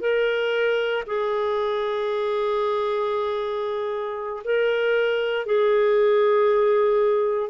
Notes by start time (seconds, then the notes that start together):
0.00 A#4
1.06 G#4
4.44 A#4
5.45 G#4